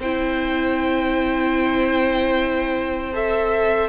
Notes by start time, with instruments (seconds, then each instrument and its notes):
0.00 cello C4, viola E4, violin C5 G5
3.13 viola A4, violin E5